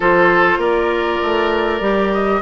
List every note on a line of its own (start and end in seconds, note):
0.00 0.57 F3
0.00 1.81 F4
0.00 0.58 A4
0.00 0.61 C5
0.57 1.18 A#3
0.57 2.40 A#4
0.57 2.13 D5
1.22 1.80 A3
1.80 2.41 G3
1.80 2.41 G4
2.13 2.41 D#5